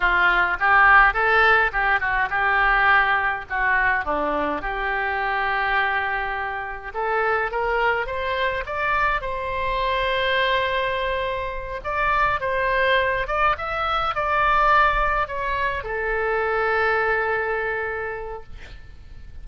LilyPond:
\new Staff \with { instrumentName = "oboe" } { \time 4/4 \tempo 4 = 104 f'4 g'4 a'4 g'8 fis'8 | g'2 fis'4 d'4 | g'1 | a'4 ais'4 c''4 d''4 |
c''1~ | c''8 d''4 c''4. d''8 e''8~ | e''8 d''2 cis''4 a'8~ | a'1 | }